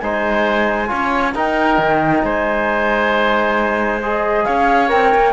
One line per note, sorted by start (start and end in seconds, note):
0.00 0.91 G#3
0.00 0.87 D#4
0.00 0.89 C5
0.00 1.33 G#5
0.87 1.35 C#4
0.87 1.32 F4
0.87 1.33 C#5
1.35 1.78 D#4
1.35 4.02 D#4
1.35 2.24 A#4
1.35 2.24 G5
1.78 2.22 D#3
2.23 4.45 G#3
2.23 4.45 C5
2.23 4.02 G#5
4.02 4.88 G#4
4.02 4.45 D#5
4.45 4.92 C#4
4.45 5.33 C#5
4.45 4.89 F5
4.88 5.14 C4
4.88 5.33 A#4
4.88 5.33 G5
5.15 5.33 A#3